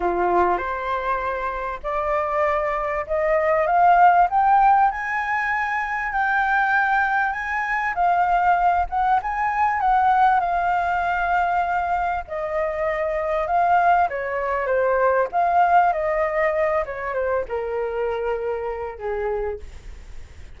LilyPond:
\new Staff \with { instrumentName = "flute" } { \time 4/4 \tempo 4 = 98 f'4 c''2 d''4~ | d''4 dis''4 f''4 g''4 | gis''2 g''2 | gis''4 f''4. fis''8 gis''4 |
fis''4 f''2. | dis''2 f''4 cis''4 | c''4 f''4 dis''4. cis''8 | c''8 ais'2~ ais'8 gis'4 | }